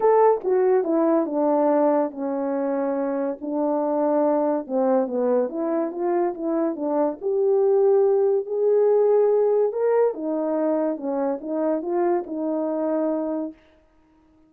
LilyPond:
\new Staff \with { instrumentName = "horn" } { \time 4/4 \tempo 4 = 142 a'4 fis'4 e'4 d'4~ | d'4 cis'2. | d'2. c'4 | b4 e'4 f'4 e'4 |
d'4 g'2. | gis'2. ais'4 | dis'2 cis'4 dis'4 | f'4 dis'2. | }